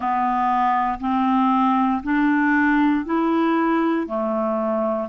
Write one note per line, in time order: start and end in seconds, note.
0.00 0.98 B3
1.00 2.02 C4
2.03 3.05 D4
3.05 4.06 E4
4.07 5.08 A3